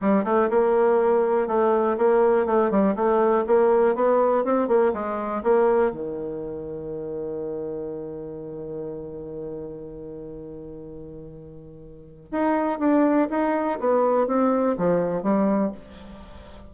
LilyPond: \new Staff \with { instrumentName = "bassoon" } { \time 4/4 \tempo 4 = 122 g8 a8 ais2 a4 | ais4 a8 g8 a4 ais4 | b4 c'8 ais8 gis4 ais4 | dis1~ |
dis1~ | dis1~ | dis4 dis'4 d'4 dis'4 | b4 c'4 f4 g4 | }